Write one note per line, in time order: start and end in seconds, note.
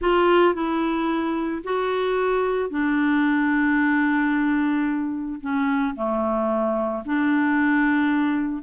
0.01 0.54 F4
0.54 1.62 E4
1.64 2.70 F#4
2.70 5.40 D4
5.41 5.95 C#4
5.95 7.03 A3
7.05 8.62 D4